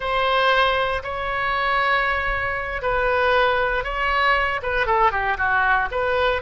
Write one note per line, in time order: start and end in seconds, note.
0.00 1.03 C5
1.03 2.82 C#5
2.82 3.83 B4
3.83 4.60 C#5
4.62 4.86 B4
4.86 5.11 A4
5.11 5.37 G4
5.37 5.89 F#4
5.91 6.42 B4